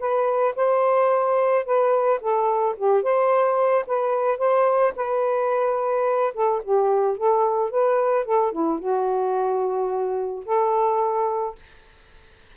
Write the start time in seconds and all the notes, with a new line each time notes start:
0.00 B4
0.56 C5
1.65 B4
2.21 A4
2.77 G4
3.03 C5
3.87 B4
4.38 C5
4.96 B4
6.34 A4
6.63 G4
7.17 A4
7.71 B4
8.25 A4
8.52 E4
8.79 F#4
10.45 A4